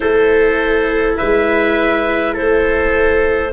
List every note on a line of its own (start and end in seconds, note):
0.00 1.19 A3
0.00 3.51 E4
0.00 1.17 A4
0.00 1.13 C5
1.17 2.38 G#3
1.17 2.33 B4
1.17 2.35 E5
2.33 3.53 A3
2.33 3.51 A4
2.33 3.53 C5